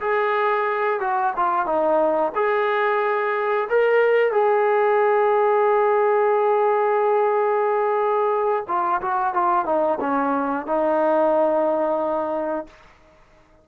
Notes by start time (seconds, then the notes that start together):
0.00 G#4
1.00 F#4
1.36 F4
1.65 D#4
2.35 G#4
3.69 A#4
4.32 G#4
8.68 F4
9.01 F#4
9.34 F4
9.65 D#4
10.00 C#4
10.67 D#4